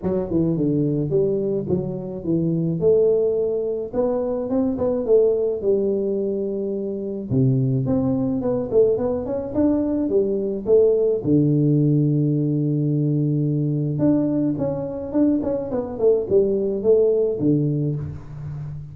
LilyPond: \new Staff \with { instrumentName = "tuba" } { \time 4/4 \tempo 4 = 107 fis8 e8 d4 g4 fis4 | e4 a2 b4 | c'8 b8 a4 g2~ | g4 c4 c'4 b8 a8 |
b8 cis'8 d'4 g4 a4 | d1~ | d4 d'4 cis'4 d'8 cis'8 | b8 a8 g4 a4 d4 | }